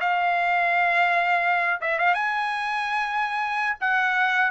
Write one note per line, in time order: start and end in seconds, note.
0.00 1.81 F5
1.81 1.98 E5
1.98 2.14 F5
2.14 3.77 G#5
3.80 4.51 F#5